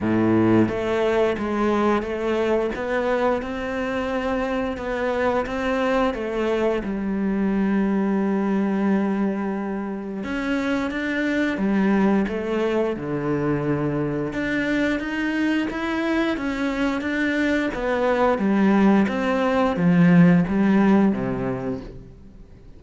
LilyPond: \new Staff \with { instrumentName = "cello" } { \time 4/4 \tempo 4 = 88 a,4 a4 gis4 a4 | b4 c'2 b4 | c'4 a4 g2~ | g2. cis'4 |
d'4 g4 a4 d4~ | d4 d'4 dis'4 e'4 | cis'4 d'4 b4 g4 | c'4 f4 g4 c4 | }